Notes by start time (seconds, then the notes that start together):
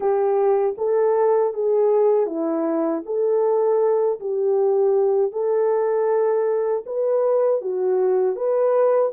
0.00 G4
0.77 A4
1.53 G#4
2.26 E4
3.06 A4
4.20 G4
5.32 A4
6.86 B4
7.61 F#4
8.35 B4